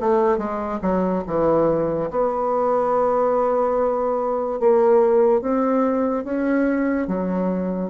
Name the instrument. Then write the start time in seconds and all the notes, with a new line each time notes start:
bassoon
0.00 A3
0.37 G#3
0.82 F#3
1.27 E3
2.10 B3
4.59 A#3
5.41 C4
6.24 C#4
7.07 F#3